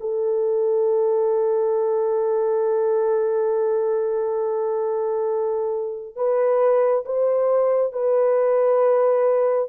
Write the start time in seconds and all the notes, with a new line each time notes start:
0.00 A4
6.16 B4
7.05 C5
7.92 B4